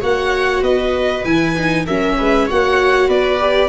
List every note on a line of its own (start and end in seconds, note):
0.00 0.62 A#3
0.00 1.24 F#4
0.00 0.61 C#5
0.00 0.63 F#5
0.61 1.23 B3
0.61 1.84 B4
0.61 1.24 D#5
1.24 1.86 E3
1.24 1.56 E4
1.24 1.85 G#5
1.56 1.87 D#4
1.86 2.19 F#3
1.86 2.49 C#4
1.86 2.16 A#4
1.86 2.48 E5
2.17 2.49 G#3
2.17 2.46 B4
2.46 3.08 A#3
2.46 3.40 F#4
2.46 3.07 C#5
2.46 3.09 F#5
3.07 3.68 B3
3.07 3.68 B4
3.07 3.68 D5
3.40 3.68 G4